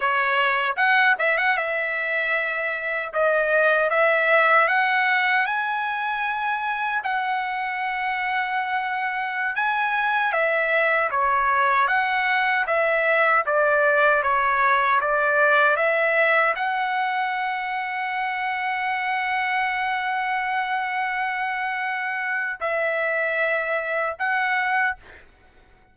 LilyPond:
\new Staff \with { instrumentName = "trumpet" } { \time 4/4 \tempo 4 = 77 cis''4 fis''8 e''16 fis''16 e''2 | dis''4 e''4 fis''4 gis''4~ | gis''4 fis''2.~ | fis''16 gis''4 e''4 cis''4 fis''8.~ |
fis''16 e''4 d''4 cis''4 d''8.~ | d''16 e''4 fis''2~ fis''8.~ | fis''1~ | fis''4 e''2 fis''4 | }